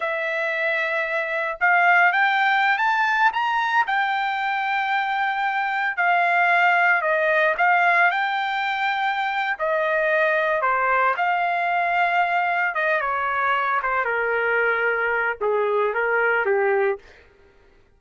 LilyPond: \new Staff \with { instrumentName = "trumpet" } { \time 4/4 \tempo 4 = 113 e''2. f''4 | g''4~ g''16 a''4 ais''4 g''8.~ | g''2.~ g''16 f''8.~ | f''4~ f''16 dis''4 f''4 g''8.~ |
g''2 dis''2 | c''4 f''2. | dis''8 cis''4. c''8 ais'4.~ | ais'4 gis'4 ais'4 g'4 | }